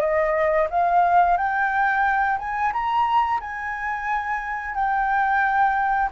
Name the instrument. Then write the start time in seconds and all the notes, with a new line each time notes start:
flute
0.00 D#5
0.70 F5
1.37 G5
2.38 G#5
2.72 A#5
3.40 G#5
4.75 G5